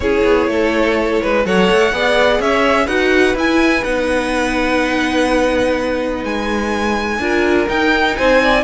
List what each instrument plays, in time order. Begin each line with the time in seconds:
0.00 cello C#4, viola E4, violin G#4 C#5
0.23 cello B3
0.47 cello A3, violin A4
1.22 cello G#3, violin B4
1.44 cello F#3, viola A4, violin C#5 F#5
1.70 cello A3
1.92 cello B3, viola G#4, violin D5
2.39 cello C#4, violin C#5 E5
2.85 cello D#4, viola F#4, violin B4 F#5
3.35 cello E4, viola E4, violin G#5
3.83 cello B3, viola D#4, violin F#5
6.24 cello G#3, violin G#5
7.19 cello D4, viola F4, violin A#4
7.67 viola D#4, cello D#4, violin G5
8.15 cello C4, violin C5 G#5
8.42 violin D5